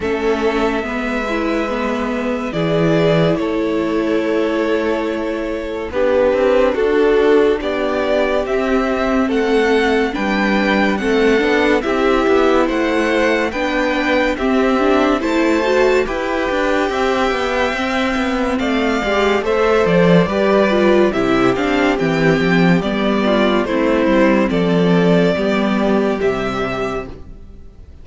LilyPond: <<
  \new Staff \with { instrumentName = "violin" } { \time 4/4 \tempo 4 = 71 e''2. d''4 | cis''2. b'4 | a'4 d''4 e''4 fis''4 | g''4 fis''4 e''4 fis''4 |
g''4 e''4 a''4 g''4~ | g''2 f''4 e''8 d''8~ | d''4 e''8 f''8 g''4 d''4 | c''4 d''2 e''4 | }
  \new Staff \with { instrumentName = "violin" } { \time 4/4 a'4 b'2 gis'4 | a'2. g'4 | fis'4 g'2 a'4 | b'4 a'4 g'4 c''4 |
b'4 g'4 c''4 b'4 | e''2 d''4 c''4 | b'4 g'2~ g'8 f'8 | e'4 a'4 g'2 | }
  \new Staff \with { instrumentName = "viola" } { \time 4/4 cis'4 b8 e'8 b4 e'4~ | e'2. d'4~ | d'2 c'2 | d'4 c'8 d'8 e'2 |
d'4 c'8 d'8 e'8 fis'8 g'4~ | g'4 c'4. g'8 a'4 | g'8 f'8 e'8 d'8 c'4 b4 | c'2 b4 g4 | }
  \new Staff \with { instrumentName = "cello" } { \time 4/4 a4 gis2 e4 | a2. b8 c'8 | d'4 b4 c'4 a4 | g4 a8 b8 c'8 b8 a4 |
b4 c'4 a4 e'8 d'8 | c'8 b8 c'8 b8 a8 gis8 a8 f8 | g4 c8 c'8 e8 f8 g4 | a8 g8 f4 g4 c4 | }
>>